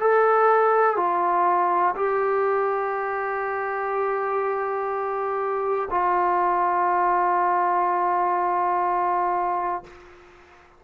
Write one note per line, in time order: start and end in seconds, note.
0.00 0.96 A4
0.96 1.94 F4
1.95 5.89 G4
5.90 9.84 F4